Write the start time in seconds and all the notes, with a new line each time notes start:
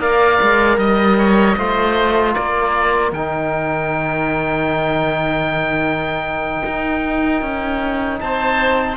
0.00 A#3 A#4 D5 F5
0.42 G#3
0.77 G3 D#5
1.18 C#5
1.58 A3 F4 C5
2.33 A#3 A#4 D5
3.12 D#3 D#4 G5
6.66 D#4
7.42 C#4
8.20 C4 C5 A5